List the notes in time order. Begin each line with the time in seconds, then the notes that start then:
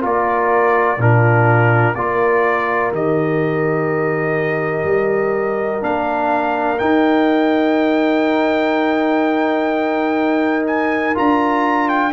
0.00 A#3 F4 A#4 D5
0.98 A#2 D4 F4 A#4
1.95 A#3 F4 A#4 D5
2.92 D#3 G4 D#5
4.84 G3
5.81 A#3 D4 F5
6.79 D#4 G5
10.67 G#5
11.15 D4 F4 A#5
11.89 G5